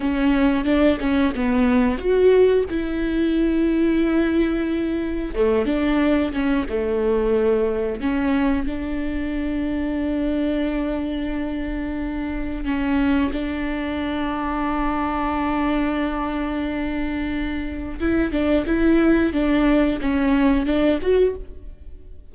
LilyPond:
\new Staff \with { instrumentName = "viola" } { \time 4/4 \tempo 4 = 90 cis'4 d'8 cis'8 b4 fis'4 | e'1 | a8 d'4 cis'8 a2 | cis'4 d'2.~ |
d'2. cis'4 | d'1~ | d'2. e'8 d'8 | e'4 d'4 cis'4 d'8 fis'8 | }